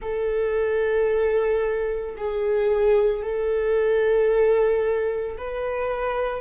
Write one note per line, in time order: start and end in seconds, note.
0.01 2.16 A4
2.17 3.22 G#4
3.22 5.36 A4
5.37 6.41 B4